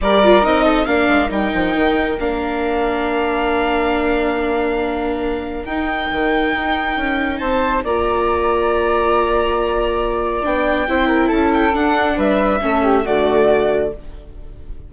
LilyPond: <<
  \new Staff \with { instrumentName = "violin" } { \time 4/4 \tempo 4 = 138 d''4 dis''4 f''4 g''4~ | g''4 f''2.~ | f''1~ | f''4 g''2.~ |
g''4 a''4 ais''2~ | ais''1 | g''2 a''8 g''8 fis''4 | e''2 d''2 | }
  \new Staff \with { instrumentName = "flute" } { \time 4/4 ais'4. a'8 ais'2~ | ais'1~ | ais'1~ | ais'1~ |
ais'4 c''4 d''2~ | d''1~ | d''4 c''8 ais'8 a'2 | b'4 a'8 g'8 fis'2 | }
  \new Staff \with { instrumentName = "viola" } { \time 4/4 g'8 f'8 dis'4 d'4 dis'4~ | dis'4 d'2.~ | d'1~ | d'4 dis'2.~ |
dis'2 f'2~ | f'1 | d'4 e'2 d'4~ | d'4 cis'4 a2 | }
  \new Staff \with { instrumentName = "bassoon" } { \time 4/4 g4 c'4 ais8 gis8 g8 f8 | dis4 ais2.~ | ais1~ | ais4 dis'4 dis4 dis'4 |
cis'4 c'4 ais2~ | ais1 | b4 c'4 cis'4 d'4 | g4 a4 d2 | }
>>